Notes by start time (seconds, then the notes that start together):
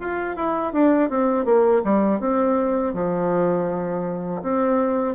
0.00 F4
0.36 E4
0.72 D4
1.09 C4
1.45 A#3
1.84 G3
2.20 C4
2.94 F3
4.42 C4